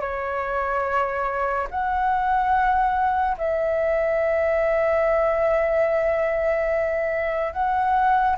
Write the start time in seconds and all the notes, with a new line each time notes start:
0.00 C#5
1.70 F#5
3.37 E5
7.53 F#5